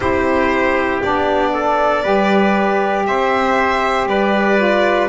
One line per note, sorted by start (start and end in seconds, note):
0.00 1.00 C4
0.00 1.02 E4
0.00 1.53 G4
0.00 1.00 C5
1.02 2.05 B3
1.02 2.03 D4
1.02 3.06 D5
1.53 2.03 A4
2.03 3.06 G3
2.03 4.57 G4
2.03 3.04 B4
3.06 4.05 C4
3.06 4.08 C5
3.06 4.07 E5
4.05 5.07 G3
4.05 5.08 B4
4.05 5.08 D5
4.57 5.08 F4